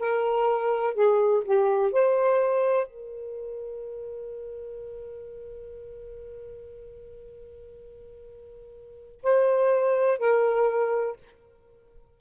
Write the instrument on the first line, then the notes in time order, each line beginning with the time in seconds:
saxophone
0.00 A#4
0.94 G#4
1.45 G4
1.92 C5
2.87 A#4
9.23 C5
10.19 A#4